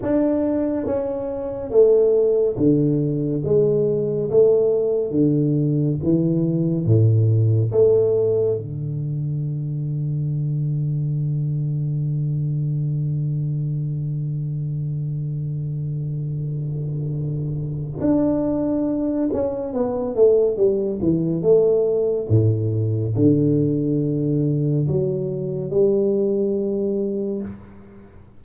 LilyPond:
\new Staff \with { instrumentName = "tuba" } { \time 4/4 \tempo 4 = 70 d'4 cis'4 a4 d4 | gis4 a4 d4 e4 | a,4 a4 d2~ | d1~ |
d1~ | d4 d'4. cis'8 b8 a8 | g8 e8 a4 a,4 d4~ | d4 fis4 g2 | }